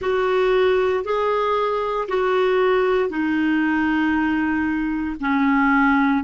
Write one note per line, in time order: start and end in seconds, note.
0.00 1.04 F#4
1.04 2.07 G#4
2.08 3.09 F#4
3.09 5.16 D#4
5.20 6.24 C#4